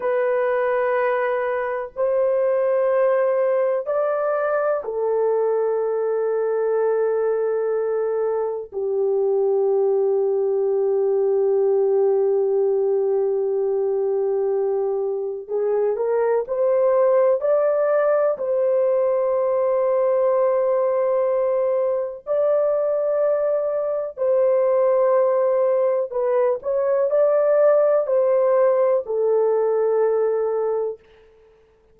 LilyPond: \new Staff \with { instrumentName = "horn" } { \time 4/4 \tempo 4 = 62 b'2 c''2 | d''4 a'2.~ | a'4 g'2.~ | g'1 |
gis'8 ais'8 c''4 d''4 c''4~ | c''2. d''4~ | d''4 c''2 b'8 cis''8 | d''4 c''4 a'2 | }